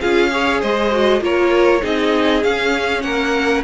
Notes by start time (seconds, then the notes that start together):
0.00 C#4 F4 G#4 F5
0.30 G#4 C#5
0.60 G#3 C5 D#5
0.91 F#4
1.20 A#3 F4 A#4 C#5
1.81 C4 D#4 G#4 D#5
2.43 C#4 F5
3.02 A#3 A#4 F#5